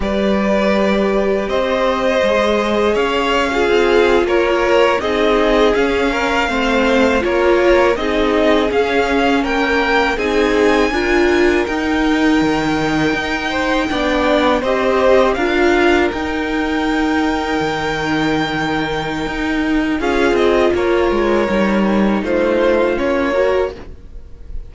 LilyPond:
<<
  \new Staff \with { instrumentName = "violin" } { \time 4/4 \tempo 4 = 81 d''2 dis''2 | f''4.~ f''16 cis''4 dis''4 f''16~ | f''4.~ f''16 cis''4 dis''4 f''16~ | f''8. g''4 gis''2 g''16~ |
g''2.~ g''8. dis''16~ | dis''8. f''4 g''2~ g''16~ | g''2. f''8 dis''8 | cis''2 c''4 cis''4 | }
  \new Staff \with { instrumentName = "violin" } { \time 4/4 b'2 c''2 | cis''8. gis'4 ais'4 gis'4~ gis'16~ | gis'16 ais'8 c''4 ais'4 gis'4~ gis'16~ | gis'8. ais'4 gis'4 ais'4~ ais'16~ |
ais'2~ ais'16 c''8 d''4 c''16~ | c''8. ais'2.~ ais'16~ | ais'2. gis'4 | ais'2 f'4. ais'8 | }
  \new Staff \with { instrumentName = "viola" } { \time 4/4 g'2. gis'4~ | gis'8. f'2 dis'4 cis'16~ | cis'8. c'4 f'4 dis'4 cis'16~ | cis'4.~ cis'16 dis'4 f'4 dis'16~ |
dis'2~ dis'8. d'4 g'16~ | g'8. f'4 dis'2~ dis'16~ | dis'2. f'4~ | f'4 dis'2 cis'8 fis'8 | }
  \new Staff \with { instrumentName = "cello" } { \time 4/4 g2 c'4 gis4 | cis'4 c'8. ais4 c'4 cis'16~ | cis'8. a4 ais4 c'4 cis'16~ | cis'8. ais4 c'4 d'4 dis'16~ |
dis'8. dis4 dis'4 b4 c'16~ | c'8. d'4 dis'2 dis16~ | dis2 dis'4 cis'8 c'8 | ais8 gis8 g4 a4 ais4 | }
>>